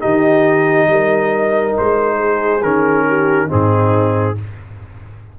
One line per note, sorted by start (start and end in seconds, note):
0.00 0.88 D#3
0.00 2.61 D#4
0.00 0.88 G4
0.00 1.75 D#5
0.88 1.75 G3
0.88 2.18 A#4
1.78 2.63 G#3
1.78 2.63 C5
2.18 3.05 G#4
2.63 3.50 D#3
2.63 3.49 C#4
2.63 3.50 A#4
3.09 3.47 G4
3.47 4.40 G#2
3.47 4.36 C4
3.47 4.34 D#4
3.47 4.39 G#4